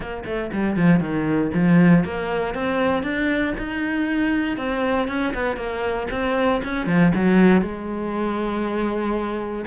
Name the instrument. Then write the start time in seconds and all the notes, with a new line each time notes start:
cello
0.00 A#3
0.25 A3
0.52 G3
0.76 F3
1.00 D#3
1.53 F3
2.04 A#3
2.54 C4
3.03 D4
3.57 D#4
4.57 C4
5.08 C#4
5.34 B3
5.56 A#3
6.10 C4
6.64 C#4
6.86 F3
7.14 F#3
7.61 G#3